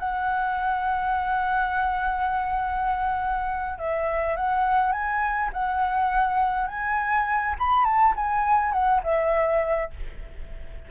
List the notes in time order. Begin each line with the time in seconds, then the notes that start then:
0.00 F#5
3.79 E5
4.37 F#5
4.93 G#5
5.54 F#5
6.68 G#5
7.59 B5
7.85 A5
8.17 G#5
8.73 F#5
9.04 E5